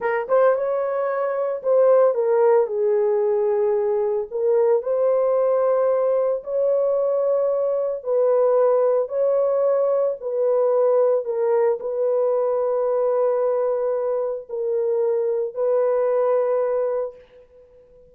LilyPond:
\new Staff \with { instrumentName = "horn" } { \time 4/4 \tempo 4 = 112 ais'8 c''8 cis''2 c''4 | ais'4 gis'2. | ais'4 c''2. | cis''2. b'4~ |
b'4 cis''2 b'4~ | b'4 ais'4 b'2~ | b'2. ais'4~ | ais'4 b'2. | }